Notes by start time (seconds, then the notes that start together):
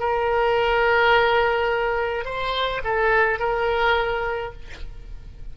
0.00 A#4
2.25 C5
2.84 A4
3.40 A#4